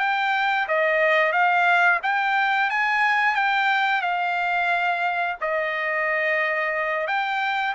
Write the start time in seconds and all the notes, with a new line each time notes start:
0.00 G5
0.68 D#5
1.33 F5
2.03 G5
2.70 G#5
3.36 G5
4.02 F5
5.41 D#5
7.07 G5